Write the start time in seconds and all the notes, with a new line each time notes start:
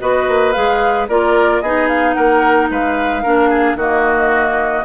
0.00 B3 F#4 B4 D#5
0.28 A#3
0.52 G#3 G#4 F5
1.09 A#3 F4 A#4 D5
1.61 B3 D#4 G#4 D#5
1.89 F5
2.14 A#3 A#4 F#5
2.70 G#3 B4 F5
3.23 A#3 D4 A#4
3.50 G#4
3.75 D#3 A#3 F#4 D#5